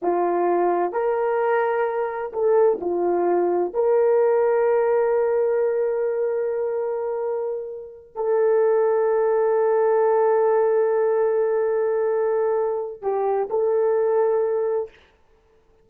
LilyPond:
\new Staff \with { instrumentName = "horn" } { \time 4/4 \tempo 4 = 129 f'2 ais'2~ | ais'4 a'4 f'2 | ais'1~ | ais'1~ |
ais'4. a'2~ a'8~ | a'1~ | a'1 | g'4 a'2. | }